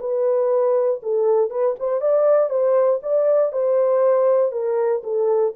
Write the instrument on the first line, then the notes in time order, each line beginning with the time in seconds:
horn
0.00 B4
1.03 A4
1.50 B4
1.80 C5
2.01 D5
2.50 C5
3.03 D5
3.52 C5
4.52 A#4
5.04 A4